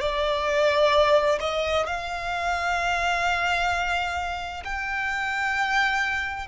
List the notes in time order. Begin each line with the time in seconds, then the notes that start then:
0.00 D5
1.40 D#5
1.86 F5
4.64 G5